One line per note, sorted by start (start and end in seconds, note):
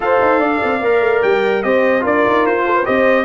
0.00 0.17 F4
0.00 0.80 A4
0.00 0.39 C5
0.00 1.22 F5
0.21 0.38 D#4
0.38 0.59 D4
0.38 1.62 D5
0.63 0.80 C4
0.80 1.00 A#3
0.80 1.63 A#4
1.00 1.21 A3
1.22 1.64 G3
1.22 1.62 G5
1.62 2.04 C4
1.62 2.00 G4
1.62 2.03 C5
1.62 2.03 D#5
2.00 2.25 D4
2.00 2.82 F4
2.00 2.64 A#4
2.00 2.46 D5
2.26 2.46 D#4
2.46 2.87 F4
2.46 2.85 C5
2.65 2.75 A4
2.75 2.85 B4
2.84 3.24 C4
2.84 3.24 G4
2.84 3.24 C5
2.84 3.24 D#5